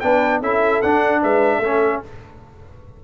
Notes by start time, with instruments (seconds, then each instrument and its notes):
0.00 tuba B3, trombone D4, horn B4, trumpet G5
0.41 tuba C#4, trombone E4, horn A4, trumpet E5
0.82 tuba D4, trombone D4, trumpet F#5
1.23 tuba G#3, horn B4, trumpet E5
1.59 tuba A3, trombone C#4, horn A4